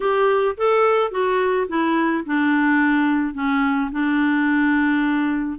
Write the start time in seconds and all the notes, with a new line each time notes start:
0.00 G4
0.57 A4
1.11 F#4
1.68 E4
2.26 D4
3.34 C#4
3.91 D4